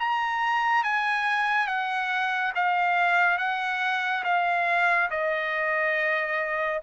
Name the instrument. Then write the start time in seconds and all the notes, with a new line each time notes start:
trumpet
0.00 A#5
0.84 G#5
1.68 F#5
2.56 F5
3.39 F#5
4.24 F5
5.11 D#5